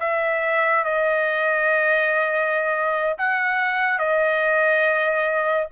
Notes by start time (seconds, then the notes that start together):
0.00 E5
0.84 D#5
3.18 F#5
3.99 D#5